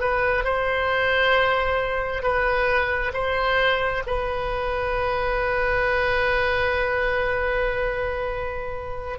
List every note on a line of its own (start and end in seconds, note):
0.00 0.44 B4
0.44 2.23 C5
2.23 3.12 B4
3.13 4.03 C5
4.07 9.19 B4